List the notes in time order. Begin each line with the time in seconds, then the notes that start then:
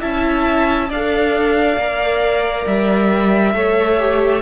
0.00 C#4 E4 E5 A5
0.89 D4 D5 F5
0.95 A4
1.77 A#3 A#4
2.66 G3 E5
3.54 A3 A4 C#5
3.99 G4